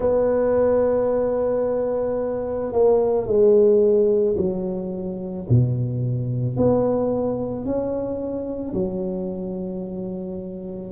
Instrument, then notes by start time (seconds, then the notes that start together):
tuba
0.00 B3
2.72 A#3
3.27 G#3
4.37 F#3
5.49 B2
6.57 B3
7.65 C#4
8.73 F#3